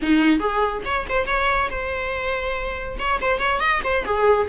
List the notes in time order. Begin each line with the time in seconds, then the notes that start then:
0.02 D#4
0.39 G#4
0.85 C#5
1.09 C5
1.27 C#5
1.70 C5
2.98 C#5
3.21 C5
3.39 C#5
3.60 D#5
3.84 C5
4.04 G#4